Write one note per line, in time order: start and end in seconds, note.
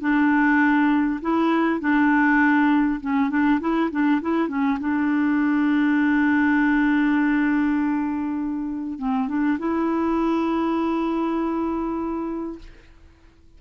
0.00 1.20 D4
1.21 1.80 E4
1.80 3.00 D4
3.01 3.30 C#4
3.30 3.60 D4
3.60 3.90 E4
3.91 4.21 D4
4.21 4.48 E4
4.48 4.78 C#4
4.80 8.99 D4
8.99 9.28 C4
9.28 9.58 D4
9.59 12.59 E4